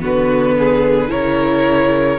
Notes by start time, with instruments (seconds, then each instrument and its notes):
0.00 cello D3, viola B3, violin F#4 B4
0.59 violin G#4
1.09 cello C#3, viola E4, violin A#4 C#5